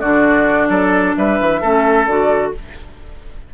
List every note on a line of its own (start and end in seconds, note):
0.00 0.69 D3
0.00 1.62 D4
0.00 0.69 F#4
0.00 1.15 D5
0.69 1.15 F#3
0.69 1.15 A4
1.17 1.40 G3
1.17 1.61 B4
1.17 2.07 E5
1.41 1.63 E3
1.61 2.08 A3
1.61 2.08 C#4
1.61 2.53 A4
2.07 2.53 D3
2.07 2.54 F#4
2.07 2.53 D5